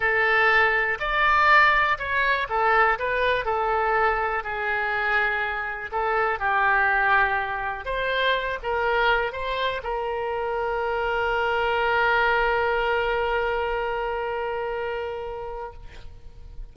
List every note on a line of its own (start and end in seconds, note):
0.00 0.98 A4
0.99 1.97 D5
1.98 2.47 C#5
2.49 2.98 A4
2.98 3.45 B4
3.45 4.43 A4
4.43 5.91 G#4
5.91 6.39 A4
6.39 7.85 G4
7.85 8.58 C5
8.62 9.32 A#4
9.32 9.81 C5
9.83 15.73 A#4